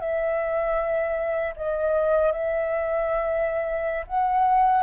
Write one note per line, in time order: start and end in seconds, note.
0.00 1.54 E5
1.57 2.32 D#5
2.32 4.05 E5
4.07 4.83 F#5